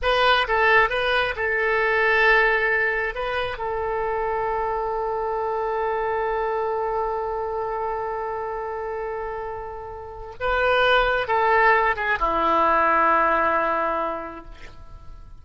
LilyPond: \new Staff \with { instrumentName = "oboe" } { \time 4/4 \tempo 4 = 133 b'4 a'4 b'4 a'4~ | a'2. b'4 | a'1~ | a'1~ |
a'1~ | a'2. b'4~ | b'4 a'4. gis'8 e'4~ | e'1 | }